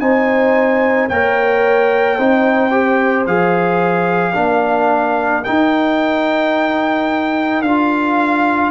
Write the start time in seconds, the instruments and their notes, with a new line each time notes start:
0.00 tuba C4, trombone D#4, horn C5, trumpet G#5
1.09 tuba A#3, trombone A#4, horn C#5, trumpet G5
2.17 tuba C4, trombone D#4, horn C5
2.71 trombone G4
3.27 tuba F3, trombone G#4, trumpet F5
4.34 tuba A#3, trombone D4, horn A#4
5.44 trombone D#4, tuba D#4, trumpet G5
7.61 tuba D4, trombone F4, trumpet F5